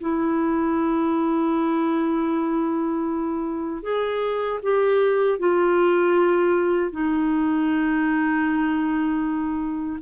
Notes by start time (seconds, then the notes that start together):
0.00 E4
3.83 G#4
4.63 G4
5.39 F4
6.92 D#4